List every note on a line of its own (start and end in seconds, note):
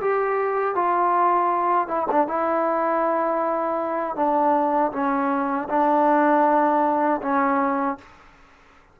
0.00 0.75 G4
0.75 1.87 F4
1.87 2.06 E4
2.11 2.27 D4
2.27 4.16 E4
4.16 4.92 D4
4.92 5.68 C#4
5.69 7.20 D4
7.22 7.97 C#4